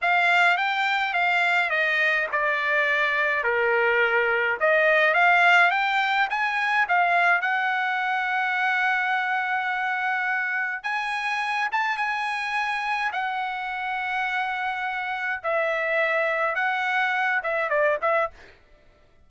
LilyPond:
\new Staff \with { instrumentName = "trumpet" } { \time 4/4 \tempo 4 = 105 f''4 g''4 f''4 dis''4 | d''2 ais'2 | dis''4 f''4 g''4 gis''4 | f''4 fis''2.~ |
fis''2. gis''4~ | gis''8 a''8 gis''2 fis''4~ | fis''2. e''4~ | e''4 fis''4. e''8 d''8 e''8 | }